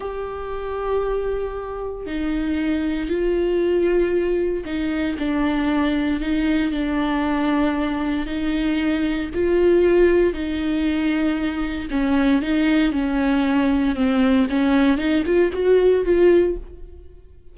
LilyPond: \new Staff \with { instrumentName = "viola" } { \time 4/4 \tempo 4 = 116 g'1 | dis'2 f'2~ | f'4 dis'4 d'2 | dis'4 d'2. |
dis'2 f'2 | dis'2. cis'4 | dis'4 cis'2 c'4 | cis'4 dis'8 f'8 fis'4 f'4 | }